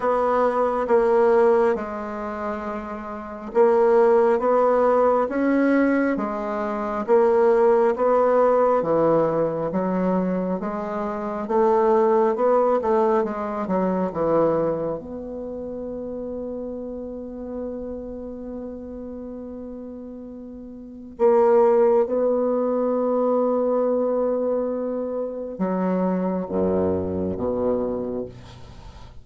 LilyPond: \new Staff \with { instrumentName = "bassoon" } { \time 4/4 \tempo 4 = 68 b4 ais4 gis2 | ais4 b4 cis'4 gis4 | ais4 b4 e4 fis4 | gis4 a4 b8 a8 gis8 fis8 |
e4 b2.~ | b1 | ais4 b2.~ | b4 fis4 fis,4 b,4 | }